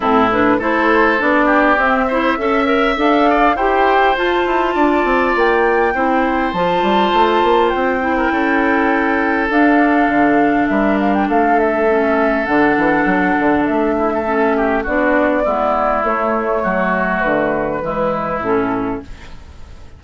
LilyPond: <<
  \new Staff \with { instrumentName = "flute" } { \time 4/4 \tempo 4 = 101 a'8 b'8 c''4 d''4 e''4~ | e''4 f''4 g''4 a''4~ | a''4 g''2 a''4~ | a''4 g''2. |
f''2 e''8 f''16 g''16 f''8 e''8~ | e''4 fis''2 e''4~ | e''4 d''2 cis''4~ | cis''4 b'2 a'4 | }
  \new Staff \with { instrumentName = "oboe" } { \time 4/4 e'4 a'4. g'4 c''8 | e''4. d''8 c''2 | d''2 c''2~ | c''4.~ c''16 ais'16 a'2~ |
a'2 ais'4 a'4~ | a'2.~ a'8 e'16 a'16~ | a'8 g'8 fis'4 e'2 | fis'2 e'2 | }
  \new Staff \with { instrumentName = "clarinet" } { \time 4/4 c'8 d'8 e'4 d'4 c'8 e'8 | a'8 ais'8 a'4 g'4 f'4~ | f'2 e'4 f'4~ | f'4. e'2~ e'8 |
d'1 | cis'4 d'2. | cis'4 d'4 b4 a4~ | a2 gis4 cis'4 | }
  \new Staff \with { instrumentName = "bassoon" } { \time 4/4 a,4 a4 b4 c'4 | cis'4 d'4 e'4 f'8 e'8 | d'8 c'8 ais4 c'4 f8 g8 | a8 ais8 c'4 cis'2 |
d'4 d4 g4 a4~ | a4 d8 e8 fis8 d8 a4~ | a4 b4 gis4 a4 | fis4 d4 e4 a,4 | }
>>